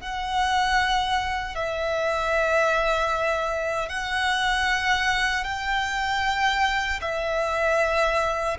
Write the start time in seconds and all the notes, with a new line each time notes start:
0.00 F#5
1.55 E5
3.89 F#5
5.44 G5
7.01 E5